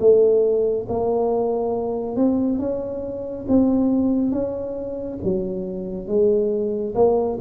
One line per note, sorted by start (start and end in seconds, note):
0.00 0.87 A3
0.89 2.16 A#3
2.16 2.59 C4
2.59 3.46 C#4
3.48 4.32 C4
4.32 5.19 C#4
5.23 6.08 F#3
6.08 6.94 G#3
6.95 7.39 A#3